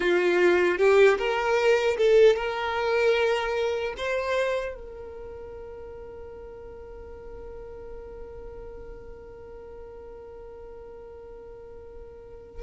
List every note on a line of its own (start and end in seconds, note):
0.00 0.78 F4
0.78 1.17 G4
1.18 1.97 A#4
1.97 2.36 A4
2.36 3.94 A#4
3.97 4.74 C5
4.74 12.62 A#4